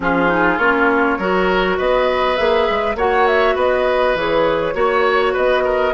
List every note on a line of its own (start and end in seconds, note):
0.00 0.58 F3
0.00 0.27 C#4
0.00 1.18 F4
0.00 0.59 G#4
0.27 0.57 D#4
0.58 1.17 A#3
0.58 1.19 C#4
0.58 1.77 C#5
1.18 1.77 F#3
1.18 2.37 F#4
1.18 1.77 A#4
1.77 2.39 B3
1.77 2.96 B4
1.77 2.36 D#5
2.36 2.68 A#3
2.36 2.96 G#4
2.36 2.95 E5
2.70 2.95 G#3
2.95 3.54 A#3
2.95 4.17 F#4
2.95 3.55 C#5
2.95 3.27 F#5
3.27 3.56 E5
3.55 4.14 B3
3.55 4.74 B4
3.55 4.17 D#5
4.14 4.73 E3
4.14 4.74 G#4
4.14 5.36 C#5
4.74 5.33 A#3
4.74 5.93 F#4
4.74 5.33 C#5
5.33 5.93 B3
5.33 5.63 B4
5.33 5.93 D#5
5.64 5.93 A#4